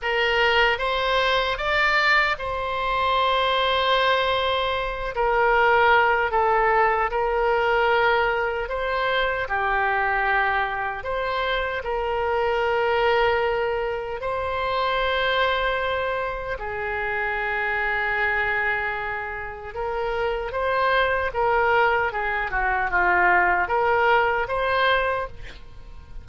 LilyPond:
\new Staff \with { instrumentName = "oboe" } { \time 4/4 \tempo 4 = 76 ais'4 c''4 d''4 c''4~ | c''2~ c''8 ais'4. | a'4 ais'2 c''4 | g'2 c''4 ais'4~ |
ais'2 c''2~ | c''4 gis'2.~ | gis'4 ais'4 c''4 ais'4 | gis'8 fis'8 f'4 ais'4 c''4 | }